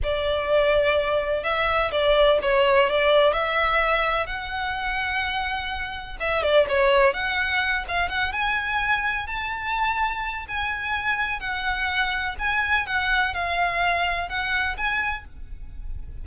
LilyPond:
\new Staff \with { instrumentName = "violin" } { \time 4/4 \tempo 4 = 126 d''2. e''4 | d''4 cis''4 d''4 e''4~ | e''4 fis''2.~ | fis''4 e''8 d''8 cis''4 fis''4~ |
fis''8 f''8 fis''8 gis''2 a''8~ | a''2 gis''2 | fis''2 gis''4 fis''4 | f''2 fis''4 gis''4 | }